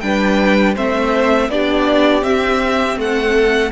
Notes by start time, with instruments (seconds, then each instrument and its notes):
0.00 cello G3, viola D4, violin B4 G5
0.75 cello A3, viola C4, violin C5 E5
1.48 cello B3, viola D4, violin G4 D5
2.22 viola C4, cello C4, violin E5
2.96 cello A3, violin A4 F#5